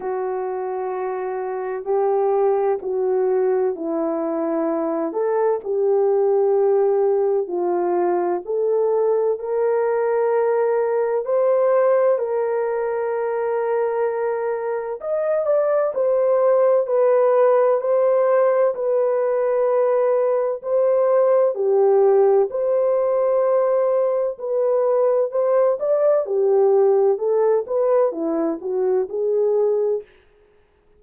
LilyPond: \new Staff \with { instrumentName = "horn" } { \time 4/4 \tempo 4 = 64 fis'2 g'4 fis'4 | e'4. a'8 g'2 | f'4 a'4 ais'2 | c''4 ais'2. |
dis''8 d''8 c''4 b'4 c''4 | b'2 c''4 g'4 | c''2 b'4 c''8 d''8 | g'4 a'8 b'8 e'8 fis'8 gis'4 | }